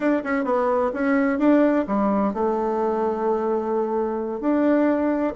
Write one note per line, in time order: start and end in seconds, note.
0.00 0.22 D4
0.23 0.44 C#4
0.44 0.91 B3
0.93 1.38 C#4
1.38 1.85 D4
1.87 2.33 G3
2.33 4.40 A3
4.40 5.33 D4